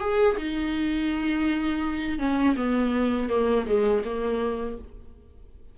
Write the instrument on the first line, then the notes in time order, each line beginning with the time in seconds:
viola
0.00 G#4
0.37 D#4
2.19 C#4
2.56 B3
3.30 A#3
3.66 G#3
4.05 A#3